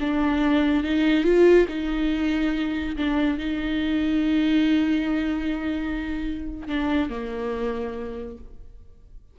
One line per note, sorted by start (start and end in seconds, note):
0.00 0.84 D4
0.84 1.24 D#4
1.24 1.67 F4
1.68 2.96 D#4
2.97 3.38 D4
3.38 6.68 D#4
6.68 7.10 D4
7.10 8.38 A#3